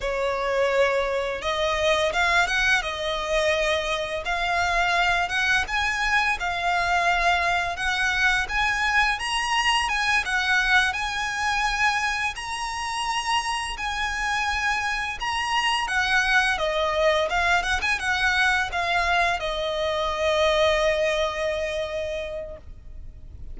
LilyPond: \new Staff \with { instrumentName = "violin" } { \time 4/4 \tempo 4 = 85 cis''2 dis''4 f''8 fis''8 | dis''2 f''4. fis''8 | gis''4 f''2 fis''4 | gis''4 ais''4 gis''8 fis''4 gis''8~ |
gis''4. ais''2 gis''8~ | gis''4. ais''4 fis''4 dis''8~ | dis''8 f''8 fis''16 gis''16 fis''4 f''4 dis''8~ | dis''1 | }